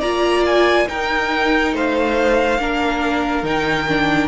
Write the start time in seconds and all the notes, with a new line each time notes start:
0.00 A#3 F4 D5 A#5
0.46 G#5
0.87 D#4 A#4 G5
1.73 A3 C5 F5
2.59 A#3 D4 A#4
3.43 D#3 D#4 G5
3.88 D4